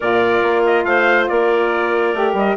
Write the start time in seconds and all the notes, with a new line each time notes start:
0.00 A#2 F4 A#4 D5
0.42 A#3
0.65 D#5
0.84 A3 C5 F5
1.28 A#3 A#4 D5
2.13 A3 G4
2.33 G3 D#5